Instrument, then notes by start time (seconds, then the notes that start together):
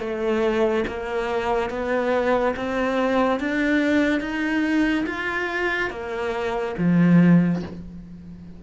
cello
0.00 A3
0.88 A#3
1.70 B3
2.57 C4
3.40 D4
4.21 D#4
5.06 F4
5.90 A#3
6.78 F3